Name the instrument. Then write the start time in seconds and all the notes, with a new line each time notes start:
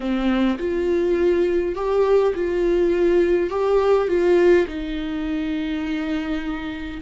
viola
0.00 C4
0.58 F4
1.75 G4
2.34 F4
3.50 G4
4.08 F4
4.67 D#4